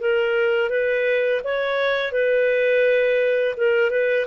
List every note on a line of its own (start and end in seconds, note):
0.00 0.70 A#4
0.70 1.41 B4
1.44 2.12 C#5
2.12 3.55 B4
3.57 3.91 A#4
3.91 4.26 B4